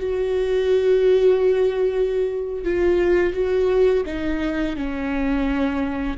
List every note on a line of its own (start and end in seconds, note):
0.00 2.64 F#4
2.64 3.34 F4
3.34 4.04 F#4
4.06 4.76 D#4
4.76 6.17 C#4